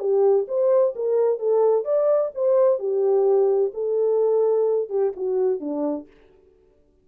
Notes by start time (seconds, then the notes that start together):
0.00 G4
0.48 C5
0.96 A#4
1.39 A4
1.85 D5
2.35 C5
2.79 G4
3.74 A4
4.90 G4
5.16 F#4
5.61 D4